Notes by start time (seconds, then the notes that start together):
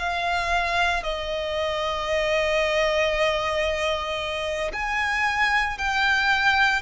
0.00 F5
1.04 D#5
4.73 G#5
5.78 G5